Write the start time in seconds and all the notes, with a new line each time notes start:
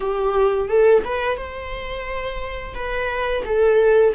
0.00 G4
0.68 A4
1.04 B4
1.37 C5
2.74 B4
3.44 A4